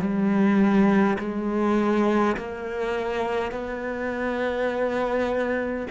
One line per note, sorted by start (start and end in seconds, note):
0.00 1.18 G3
1.19 2.36 G#3
2.36 3.51 A#3
3.51 5.87 B3